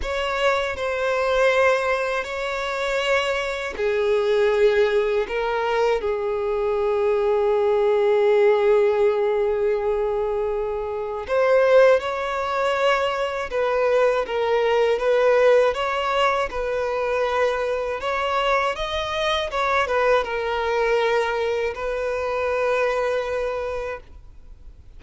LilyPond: \new Staff \with { instrumentName = "violin" } { \time 4/4 \tempo 4 = 80 cis''4 c''2 cis''4~ | cis''4 gis'2 ais'4 | gis'1~ | gis'2. c''4 |
cis''2 b'4 ais'4 | b'4 cis''4 b'2 | cis''4 dis''4 cis''8 b'8 ais'4~ | ais'4 b'2. | }